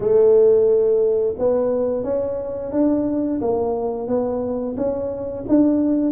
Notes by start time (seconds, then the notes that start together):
0.00 A3
1.38 B3
2.03 C#4
2.72 D4
3.41 A#3
4.07 B3
4.76 C#4
5.48 D4